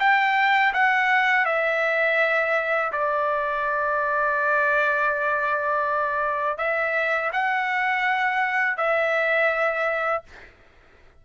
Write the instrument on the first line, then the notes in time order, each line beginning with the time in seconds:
trumpet
0.00 G5
0.74 F#5
1.46 E5
2.93 D5
6.58 E5
7.33 F#5
8.77 E5